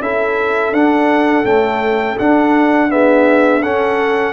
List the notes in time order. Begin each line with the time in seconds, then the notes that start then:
0.00 C#4 E4 A4 E5
0.72 D4 F#5
1.44 A3 C#4 G5
2.19 D4 F#5
2.89 B3 G#4 E5
3.62 C#4 A4 F#5